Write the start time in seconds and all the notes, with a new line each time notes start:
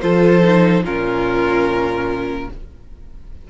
0.00 F3 F4 A4 C5
0.42 D#4
0.83 A#2 C#4 F4 A#4